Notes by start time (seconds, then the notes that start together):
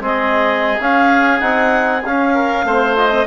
0.00 G#3 C4 G#4 D#5
0.80 C#4 F5
1.40 C4 D#4 F#5
2.05 C#4 F5
2.34 A#4
2.64 A3 C4 C5
2.96 F4 D#5
3.09 C4